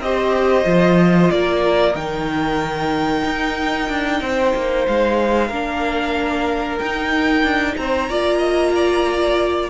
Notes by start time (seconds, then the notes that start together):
0.00 C4 G4 C5 D#5
0.64 F3 F4
1.31 A#3 A#4 D5
1.95 D#3 D#4 G5
3.25 D#4
3.90 D4
4.21 C4 C5
4.55 A#3
4.87 G#3 F5
5.48 A#3 D4 A#4
6.79 D#4 G5
7.43 D4
7.77 C4 C5 A#5
8.09 A#3 F4 D5
8.38 D#5
8.76 D5